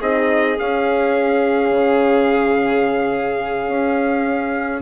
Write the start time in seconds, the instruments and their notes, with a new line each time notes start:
0.00 bassoon C4, horn D#4, violin G#4, trumpet D#5
0.59 horn C#4, bassoon C#4, trumpet F5
1.71 bassoon C#3
3.68 bassoon C#4